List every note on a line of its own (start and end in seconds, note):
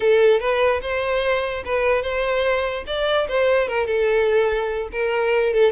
0.00 0.40 A4
0.40 0.80 B4
0.81 1.63 C5
1.65 2.02 B4
2.02 2.83 C5
2.86 3.27 D5
3.28 3.68 C5
3.68 3.86 A#4
3.86 4.88 A4
4.91 5.53 A#4
5.53 5.71 A4